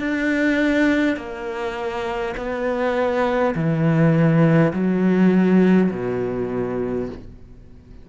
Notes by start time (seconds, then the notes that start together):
0.00 D4
1.17 A#3
2.37 B3
3.55 E3
4.73 F#3
5.91 B2